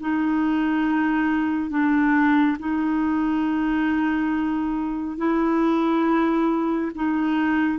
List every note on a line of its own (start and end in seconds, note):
0.00 1.70 D#4
1.70 2.57 D4
2.58 5.17 D#4
5.17 6.91 E4
6.95 7.78 D#4